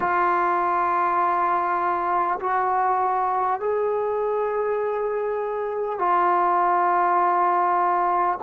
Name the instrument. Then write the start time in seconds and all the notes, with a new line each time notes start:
trombone
0.00 F4
2.39 F#4
3.59 G#4
5.98 F4